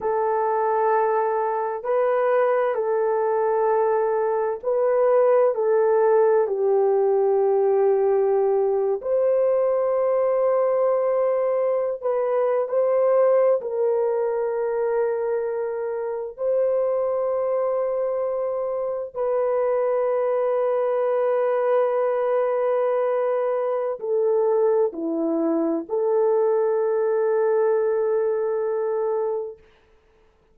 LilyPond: \new Staff \with { instrumentName = "horn" } { \time 4/4 \tempo 4 = 65 a'2 b'4 a'4~ | a'4 b'4 a'4 g'4~ | g'4.~ g'16 c''2~ c''16~ | c''4 b'8. c''4 ais'4~ ais'16~ |
ais'4.~ ais'16 c''2~ c''16~ | c''8. b'2.~ b'16~ | b'2 a'4 e'4 | a'1 | }